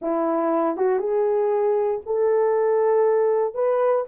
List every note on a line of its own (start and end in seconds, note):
0.01 0.76 E4
0.76 0.99 F#4
0.99 2.00 G#4
2.05 3.54 A4
3.54 4.05 B4